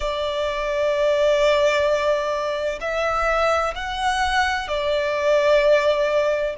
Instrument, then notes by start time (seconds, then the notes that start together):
violin
0.00 D5
2.80 E5
3.75 F#5
4.68 D5